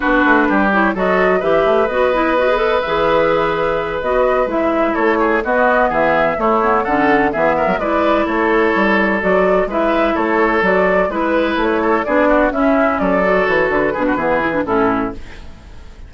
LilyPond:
<<
  \new Staff \with { instrumentName = "flute" } { \time 4/4 \tempo 4 = 127 b'4. cis''8 dis''4 e''4 | dis''2 e''2~ | e''8 dis''4 e''4 cis''4 dis''8~ | dis''8 e''4 cis''4 fis''4 e''8~ |
e''8 d''4 cis''2 d''8~ | d''8 e''4 cis''4 d''4 b'8~ | b'8 cis''4 d''4 e''4 d''8~ | d''8 cis''8 b'2 a'4 | }
  \new Staff \with { instrumentName = "oboe" } { \time 4/4 fis'4 g'4 a'4 b'4~ | b'1~ | b'2~ b'8 a'8 gis'8 fis'8~ | fis'8 gis'4 e'4 a'4 gis'8 |
ais'8 b'4 a'2~ a'8~ | a'8 b'4 a'2 b'8~ | b'4 a'8 gis'8 fis'8 e'4 a'8~ | a'4. gis'16 fis'16 gis'4 e'4 | }
  \new Staff \with { instrumentName = "clarinet" } { \time 4/4 d'4. e'8 fis'4 g'4 | fis'8 e'8 fis'16 gis'16 a'8 gis'2~ | gis'8 fis'4 e'2 b8~ | b4. a8 b8 cis'4 b8~ |
b8 e'2. fis'8~ | fis'8 e'2 fis'4 e'8~ | e'4. d'4 cis'4. | fis'4. d'8 b8 e'16 d'16 cis'4 | }
  \new Staff \with { instrumentName = "bassoon" } { \time 4/4 b8 a8 g4 fis4 e8 a8 | b2 e2~ | e8 b4 gis4 a4 b8~ | b8 e4 a4 d4 e8~ |
e16 fis16 gis4 a4 g4 fis8~ | fis8 gis4 a4 fis4 gis8~ | gis8 a4 b4 cis'4 fis8~ | fis8 e8 d8 b,8 e4 a,4 | }
>>